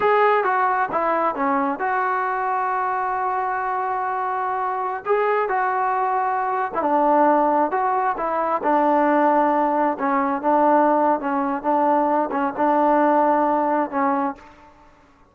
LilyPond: \new Staff \with { instrumentName = "trombone" } { \time 4/4 \tempo 4 = 134 gis'4 fis'4 e'4 cis'4 | fis'1~ | fis'2.~ fis'16 gis'8.~ | gis'16 fis'2~ fis'8. e'16 d'8.~ |
d'4~ d'16 fis'4 e'4 d'8.~ | d'2~ d'16 cis'4 d'8.~ | d'4 cis'4 d'4. cis'8 | d'2. cis'4 | }